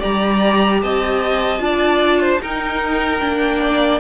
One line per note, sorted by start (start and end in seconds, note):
0.00 0.83 G3
0.00 1.59 G4
0.00 0.80 D5
0.00 0.82 A#5
0.82 1.60 C4
0.82 1.64 D#5
0.82 2.42 A5
1.59 2.40 D4
1.59 2.39 F4
1.59 2.21 D5
2.21 2.41 C5
2.41 3.21 D#4
2.41 3.62 A#4
2.41 4.01 G5
3.21 4.01 A#3
3.21 4.01 D4
3.62 4.01 D5